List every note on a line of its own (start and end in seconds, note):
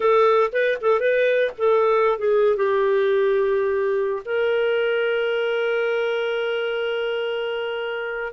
0.00 0.51 A4
0.52 0.78 B4
0.81 1.00 A4
1.00 1.51 B4
1.58 2.18 A4
2.18 2.56 G#4
2.56 4.23 G4
4.25 8.32 A#4